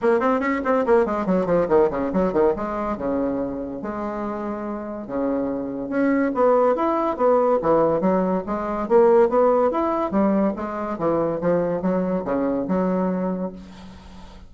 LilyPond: \new Staff \with { instrumentName = "bassoon" } { \time 4/4 \tempo 4 = 142 ais8 c'8 cis'8 c'8 ais8 gis8 fis8 f8 | dis8 cis8 fis8 dis8 gis4 cis4~ | cis4 gis2. | cis2 cis'4 b4 |
e'4 b4 e4 fis4 | gis4 ais4 b4 e'4 | g4 gis4 e4 f4 | fis4 cis4 fis2 | }